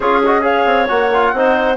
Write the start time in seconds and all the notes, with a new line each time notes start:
0.00 C#4 F4 G#4 C#5
0.25 F#4 D#5
0.41 G#4 C#5 F5
0.65 C4
0.88 A#3 F#4 F#5
1.13 F4
1.32 C4 D#4 C5